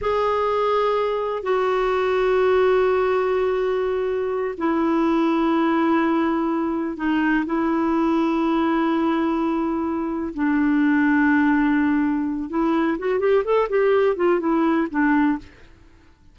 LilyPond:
\new Staff \with { instrumentName = "clarinet" } { \time 4/4 \tempo 4 = 125 gis'2. fis'4~ | fis'1~ | fis'4. e'2~ e'8~ | e'2~ e'8 dis'4 e'8~ |
e'1~ | e'4. d'2~ d'8~ | d'2 e'4 fis'8 g'8 | a'8 g'4 f'8 e'4 d'4 | }